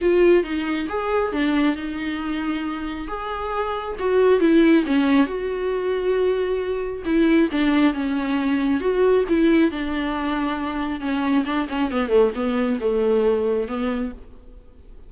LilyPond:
\new Staff \with { instrumentName = "viola" } { \time 4/4 \tempo 4 = 136 f'4 dis'4 gis'4 d'4 | dis'2. gis'4~ | gis'4 fis'4 e'4 cis'4 | fis'1 |
e'4 d'4 cis'2 | fis'4 e'4 d'2~ | d'4 cis'4 d'8 cis'8 b8 a8 | b4 a2 b4 | }